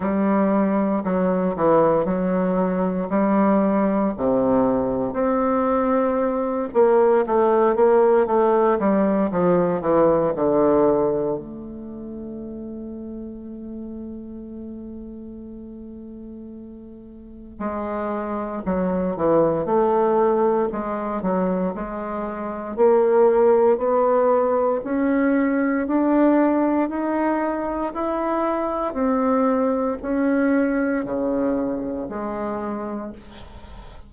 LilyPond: \new Staff \with { instrumentName = "bassoon" } { \time 4/4 \tempo 4 = 58 g4 fis8 e8 fis4 g4 | c4 c'4. ais8 a8 ais8 | a8 g8 f8 e8 d4 a4~ | a1~ |
a4 gis4 fis8 e8 a4 | gis8 fis8 gis4 ais4 b4 | cis'4 d'4 dis'4 e'4 | c'4 cis'4 cis4 gis4 | }